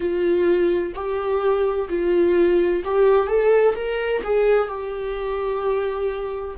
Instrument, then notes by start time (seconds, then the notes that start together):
viola
0.00 F4
0.94 G4
1.89 F4
2.84 G4
3.27 A4
3.75 A#4
4.23 G#4
4.68 G4